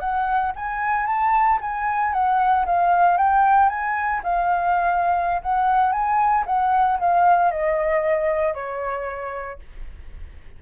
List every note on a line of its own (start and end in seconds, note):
0.00 0.53 F#5
0.56 1.07 G#5
1.07 1.59 A5
1.61 2.13 G#5
2.13 2.66 F#5
2.66 3.18 F5
3.18 3.69 G5
3.69 4.22 G#5
4.24 5.42 F5
5.43 5.92 F#5
5.92 6.45 G#5
6.47 6.99 F#5
7.00 7.51 F5
7.51 8.54 D#5
8.54 9.60 C#5